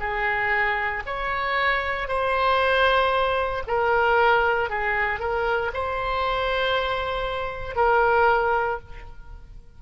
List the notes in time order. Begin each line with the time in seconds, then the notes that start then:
0.00 G#4
1.07 C#5
2.08 C5
3.68 A#4
4.70 G#4
5.20 A#4
5.74 C5
7.76 A#4